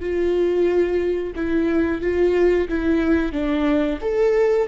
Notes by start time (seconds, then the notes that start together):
0.00 F4
1.36 E4
2.01 F4
2.68 E4
3.32 D4
4.01 A4